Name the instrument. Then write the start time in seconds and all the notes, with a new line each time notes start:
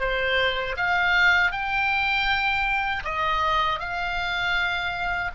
oboe
0.00 C5
0.77 F5
1.52 G5
3.04 D#5
3.79 F5